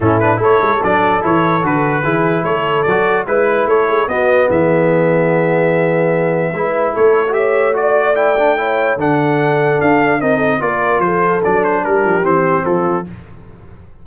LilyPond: <<
  \new Staff \with { instrumentName = "trumpet" } { \time 4/4 \tempo 4 = 147 a'8 b'8 cis''4 d''4 cis''4 | b'2 cis''4 d''4 | b'4 cis''4 dis''4 e''4~ | e''1~ |
e''4 cis''4 e''4 d''4 | g''2 fis''2 | f''4 dis''4 d''4 c''4 | d''8 c''8 ais'4 c''4 a'4 | }
  \new Staff \with { instrumentName = "horn" } { \time 4/4 e'4 a'2.~ | a'4 gis'4 a'2 | b'4 a'8 gis'8 fis'4 gis'4~ | gis'1 |
b'4 a'4 cis''4 d''4~ | d''4 cis''4 a'2~ | a'4 ais'8 a'8 ais'4 a'4~ | a'4 g'2 f'4 | }
  \new Staff \with { instrumentName = "trombone" } { \time 4/4 cis'8 d'8 e'4 d'4 e'4 | fis'4 e'2 fis'4 | e'2 b2~ | b1 |
e'4.~ e'16 fis'16 g'4 fis'4 | e'8 d'8 e'4 d'2~ | d'4 dis'4 f'2 | d'2 c'2 | }
  \new Staff \with { instrumentName = "tuba" } { \time 4/4 a,4 a8 gis8 fis4 e4 | d4 e4 a4 fis4 | gis4 a4 b4 e4~ | e1 |
gis4 a2.~ | a2 d2 | d'4 c'4 ais4 f4 | fis4 g8 f8 e4 f4 | }
>>